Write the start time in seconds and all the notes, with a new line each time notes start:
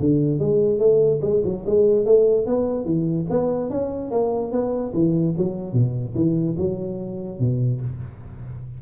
0.00 D3
0.40 G#3
0.79 A3
1.22 G#3
1.45 F#3
1.66 G#3
2.05 A3
2.46 B3
2.85 E3
3.30 B3
3.71 C#4
4.11 A#3
4.52 B3
4.94 E3
5.38 F#3
5.73 B2
6.15 E3
6.58 F#3
7.40 B2